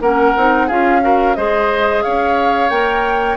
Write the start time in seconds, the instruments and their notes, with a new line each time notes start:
0.00 bassoon A#3, clarinet C#4, oboe A#4, flute F#5
0.37 bassoon C4, clarinet D#4
0.67 bassoon C#4, clarinet F4, oboe G#4, flute F5
1.01 clarinet F#4, oboe A#4
1.35 bassoon G#3, clarinet G#4, oboe C5, flute D#5
2.02 bassoon C#4, oboe C#5, flute F5
2.69 bassoon A#3, clarinet A#4, flute G5